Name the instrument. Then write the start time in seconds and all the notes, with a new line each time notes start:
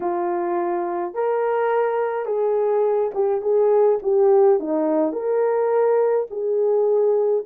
horn
0.00 F4
1.14 A#4
2.25 G#4
3.14 G4
3.41 G#4
4.02 G4
4.59 D#4
5.12 A#4
6.30 G#4